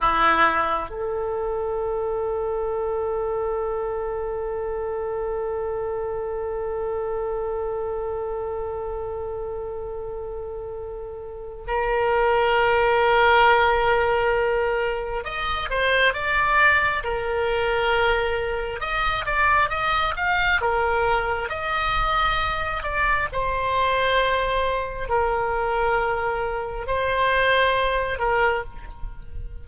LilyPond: \new Staff \with { instrumentName = "oboe" } { \time 4/4 \tempo 4 = 67 e'4 a'2.~ | a'1~ | a'1~ | a'4 ais'2.~ |
ais'4 dis''8 c''8 d''4 ais'4~ | ais'4 dis''8 d''8 dis''8 f''8 ais'4 | dis''4. d''8 c''2 | ais'2 c''4. ais'8 | }